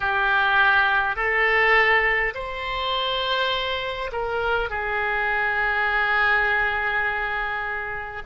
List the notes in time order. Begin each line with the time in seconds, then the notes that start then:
0.00 G4
1.16 A4
2.34 C5
4.12 A#4
4.69 G#4